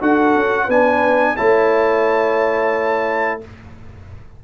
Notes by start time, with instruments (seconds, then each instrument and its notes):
0.00 tuba D4, trombone F#4, horn A4, trumpet F#5
0.35 tuba C#4
0.65 tuba B3, trombone D4, horn B4, trumpet G#5
1.36 tuba A3, trombone E4, horn C#5, trumpet A5